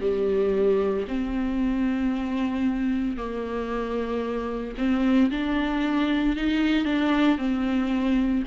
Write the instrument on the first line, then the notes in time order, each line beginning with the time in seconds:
viola
0.00 G3
1.07 C4
3.17 A#3
4.78 C4
5.31 D4
6.36 D#4
6.85 D4
7.37 C4